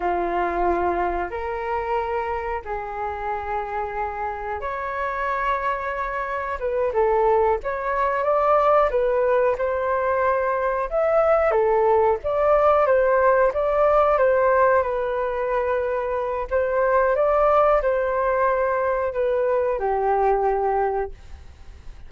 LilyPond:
\new Staff \with { instrumentName = "flute" } { \time 4/4 \tempo 4 = 91 f'2 ais'2 | gis'2. cis''4~ | cis''2 b'8 a'4 cis''8~ | cis''8 d''4 b'4 c''4.~ |
c''8 e''4 a'4 d''4 c''8~ | c''8 d''4 c''4 b'4.~ | b'4 c''4 d''4 c''4~ | c''4 b'4 g'2 | }